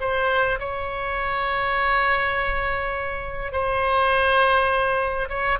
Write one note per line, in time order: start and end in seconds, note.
0.00 0.59 C5
0.59 3.52 C#5
3.52 5.29 C5
5.29 5.58 C#5